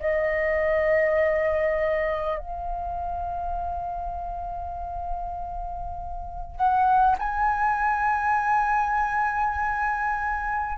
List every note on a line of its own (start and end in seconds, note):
0.00 2.38 D#5
2.38 6.56 F5
6.56 7.16 F#5
7.18 10.77 G#5